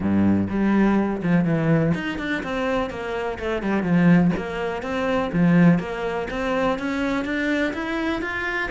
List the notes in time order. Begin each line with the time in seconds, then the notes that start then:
0.00 G2
0.49 G3
1.23 F3
1.44 E3
1.94 D#4
2.18 D4
2.43 C4
2.90 A#3
3.39 A3
3.62 G3
3.82 F3
4.36 A#3
4.82 C4
5.32 F3
5.79 A#3
6.30 C4
6.79 C#4
7.24 D4
7.73 E4
8.21 F4